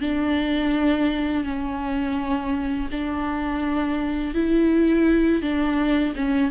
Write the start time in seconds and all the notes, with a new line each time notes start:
0.00 D4
1.44 C#4
2.91 D4
4.34 E4
5.42 D4
6.15 C#4